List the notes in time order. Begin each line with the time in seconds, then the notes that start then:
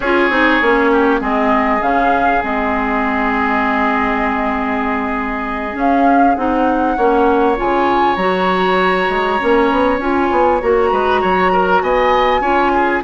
0.00 C#4 F4 G#4 C#5
0.29 C4 D#4
0.61 A#3 C#4
0.91 G4
1.19 G#3 C4 G#4 D#5
1.80 C#3 C#4 F5
2.42 G#3 C4 D#5
5.72 C#4
5.78 F5
6.35 C4 D#4 F#5
6.96 A#3 C#4 C#5
7.56 C#3 F4 G#5
8.16 F#3 F#4 A#5
9.09 G#3
9.39 A#3 C#4
9.71 B3
9.98 C#4 F4 G#5
10.31 B3
10.61 A#3 F#4 A#5
10.91 G#3 B4
11.21 F#3 C#5
11.52 A#4
11.82 B3 D#5 G#5
12.40 C#4 F4 C#5
12.73 G#4